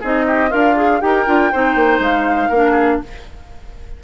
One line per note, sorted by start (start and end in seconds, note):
0.00 0.52 C4
0.00 0.50 D#4
0.00 0.25 G#4
0.00 0.51 D#5
0.27 0.49 G4
0.49 1.01 D4
0.49 0.99 F4
0.49 0.75 A#4
0.49 1.01 F5
0.75 1.00 G#4
1.00 1.26 D#4
1.00 1.25 G4
1.00 1.51 A#4
1.00 2.00 G5
1.26 1.52 D4
1.26 1.51 F4
1.51 1.75 C4
1.51 2.53 D#4
1.51 2.49 C5
1.75 1.99 A#3
1.99 2.48 G#3
1.99 3.01 F5
2.49 3.00 A#3
2.49 3.03 D4
2.49 2.71 A#4
2.71 2.95 G#4